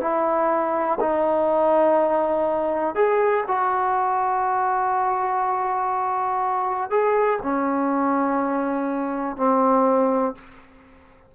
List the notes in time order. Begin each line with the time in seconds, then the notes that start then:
0.00 E4
1.00 D#4
2.95 G#4
3.47 F#4
6.90 G#4
7.42 C#4
9.36 C4